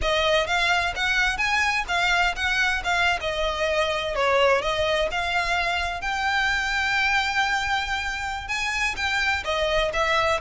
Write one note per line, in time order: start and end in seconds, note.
0.01 0.46 D#5
0.46 0.94 F5
0.95 1.37 F#5
1.37 1.84 G#5
1.87 2.35 F5
2.35 2.82 F#5
2.83 3.19 F5
3.20 4.15 D#5
4.15 4.61 C#5
4.61 5.08 D#5
5.11 6.01 F5
6.01 8.47 G5
8.47 8.95 G#5
8.96 9.43 G5
9.44 9.91 D#5
9.93 10.40 E5